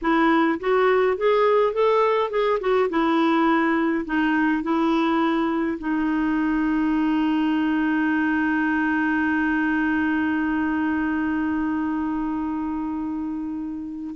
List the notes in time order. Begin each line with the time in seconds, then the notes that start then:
0.01 E4
0.60 F#4
1.17 G#4
1.73 A4
2.30 G#4
2.60 F#4
2.89 E4
4.05 D#4
4.62 E4
5.78 D#4